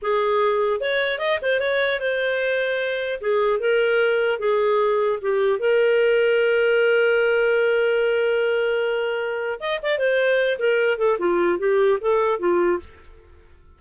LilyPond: \new Staff \with { instrumentName = "clarinet" } { \time 4/4 \tempo 4 = 150 gis'2 cis''4 dis''8 c''8 | cis''4 c''2. | gis'4 ais'2 gis'4~ | gis'4 g'4 ais'2~ |
ais'1~ | ais'1 | dis''8 d''8 c''4. ais'4 a'8 | f'4 g'4 a'4 f'4 | }